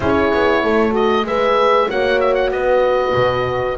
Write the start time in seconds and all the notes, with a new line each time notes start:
0.00 C#4 E4 G#4 C#5
0.33 B3
0.63 A3 A4
0.91 F#4 D#5
1.23 G#3 G#4 B4 E5
1.89 A#3 F#4 C#5 F#5
2.20 E5
2.34 F#5
2.50 B3 B4 D#5
3.14 B2